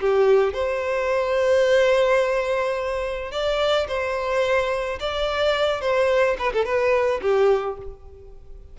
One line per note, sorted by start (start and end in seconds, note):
0.00 0.53 G4
0.53 3.31 C5
3.31 3.87 D5
3.88 4.99 C5
4.99 5.81 D5
5.81 6.36 C5
6.38 6.52 B4
6.53 6.65 A4
6.65 7.20 B4
7.21 7.77 G4